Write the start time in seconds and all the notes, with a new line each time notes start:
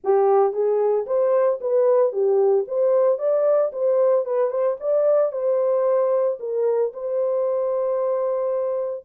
0.04 G4
0.52 G#4
1.06 C5
1.60 B4
2.12 G4
2.67 C5
3.18 D5
3.72 C5
4.25 B4
4.50 C5
4.80 D5
5.32 C5
6.39 A#4
6.93 C5